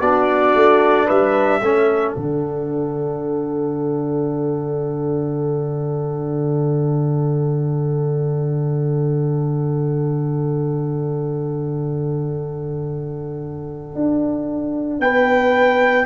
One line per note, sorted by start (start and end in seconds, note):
0.00 0.54 B3
0.00 1.61 D4
0.00 1.06 F#4
0.00 1.08 D5
0.55 1.08 A3
1.06 1.61 G3
1.06 1.59 B4
1.06 2.12 E5
1.61 2.15 A3
1.61 2.15 C#4
1.61 15.00 A4
2.12 13.94 D3
2.12 16.05 D4
2.12 14.98 F#5
13.94 14.99 D4
14.99 16.05 B3
14.99 16.05 B4
14.99 16.05 G5